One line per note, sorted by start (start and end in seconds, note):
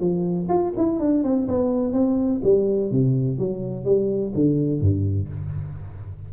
0.00 0.48 F3
0.48 0.72 F4
0.77 0.99 E4
0.99 1.23 D4
1.23 1.47 C4
1.48 1.93 B3
1.93 2.41 C4
2.43 2.91 G3
2.91 3.38 C3
3.38 3.84 F#3
3.84 4.32 G3
4.34 4.81 D3
4.81 5.29 G2